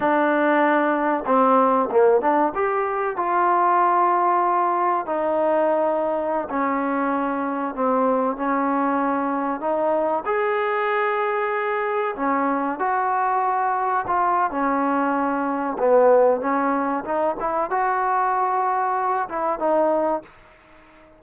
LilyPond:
\new Staff \with { instrumentName = "trombone" } { \time 4/4 \tempo 4 = 95 d'2 c'4 ais8 d'8 | g'4 f'2. | dis'2~ dis'16 cis'4.~ cis'16~ | cis'16 c'4 cis'2 dis'8.~ |
dis'16 gis'2. cis'8.~ | cis'16 fis'2 f'8. cis'4~ | cis'4 b4 cis'4 dis'8 e'8 | fis'2~ fis'8 e'8 dis'4 | }